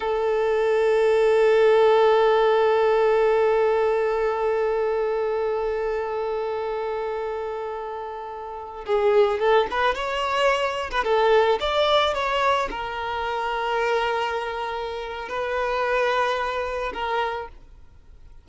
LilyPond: \new Staff \with { instrumentName = "violin" } { \time 4/4 \tempo 4 = 110 a'1~ | a'1~ | a'1~ | a'1~ |
a'16 gis'4 a'8 b'8 cis''4.~ cis''16 | b'16 a'4 d''4 cis''4 ais'8.~ | ais'1 | b'2. ais'4 | }